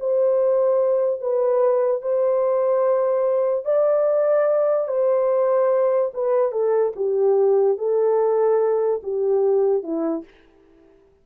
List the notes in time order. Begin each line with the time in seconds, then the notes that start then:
0.00 C5
1.21 B4
2.02 C5
3.65 D5
4.88 C5
6.14 B4
6.52 A4
6.96 G4
7.78 A4
9.03 G4
9.83 E4